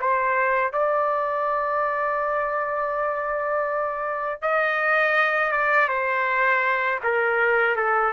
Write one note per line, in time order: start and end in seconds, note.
0.00 0.72 C5
0.72 4.42 D5
4.42 5.52 D#5
5.52 5.88 D5
5.88 6.99 C5
7.03 7.76 A#4
7.76 8.13 A4